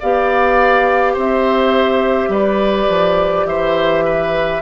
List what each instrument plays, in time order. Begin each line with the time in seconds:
0.00 bassoon B3, clarinet G4, oboe D5, flute F5
1.13 bassoon C4, oboe C5, flute E5
2.28 bassoon G3, oboe B4, flute D5
2.89 bassoon F3
3.45 bassoon E3, oboe C5, flute E5
4.05 oboe B4